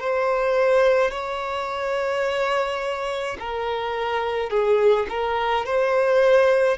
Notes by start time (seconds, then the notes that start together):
0.00 C5
1.11 C#5
3.40 A#4
4.50 G#4
5.09 A#4
5.66 C5